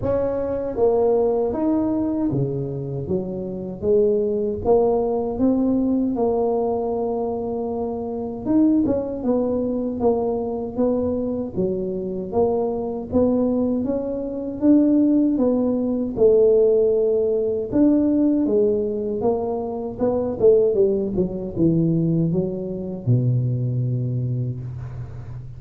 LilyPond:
\new Staff \with { instrumentName = "tuba" } { \time 4/4 \tempo 4 = 78 cis'4 ais4 dis'4 cis4 | fis4 gis4 ais4 c'4 | ais2. dis'8 cis'8 | b4 ais4 b4 fis4 |
ais4 b4 cis'4 d'4 | b4 a2 d'4 | gis4 ais4 b8 a8 g8 fis8 | e4 fis4 b,2 | }